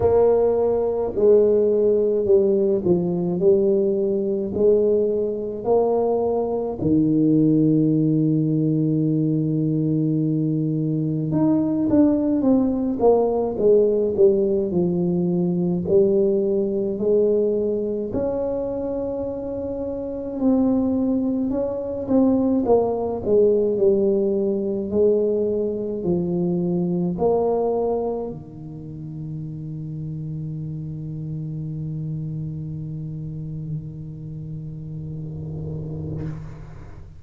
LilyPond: \new Staff \with { instrumentName = "tuba" } { \time 4/4 \tempo 4 = 53 ais4 gis4 g8 f8 g4 | gis4 ais4 dis2~ | dis2 dis'8 d'8 c'8 ais8 | gis8 g8 f4 g4 gis4 |
cis'2 c'4 cis'8 c'8 | ais8 gis8 g4 gis4 f4 | ais4 dis2.~ | dis1 | }